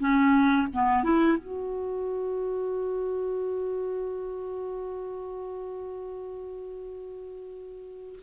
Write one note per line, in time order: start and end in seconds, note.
0.00 0.68 C#4
0.74 1.04 B3
1.04 1.38 E4
1.38 8.20 F#4